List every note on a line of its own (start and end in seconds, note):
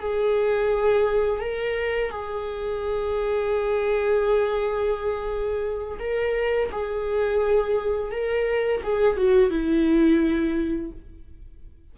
0.00 1.40 G#4
1.40 2.11 A#4
2.11 5.99 G#4
6.00 6.70 A#4
6.72 8.11 G#4
8.11 8.82 A#4
8.83 9.17 G#4
9.17 9.50 F#4
9.50 10.92 E4